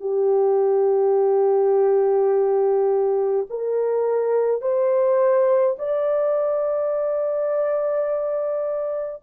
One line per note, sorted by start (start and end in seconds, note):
0.00 3.46 G4
3.50 4.61 A#4
4.61 5.76 C5
5.78 9.23 D5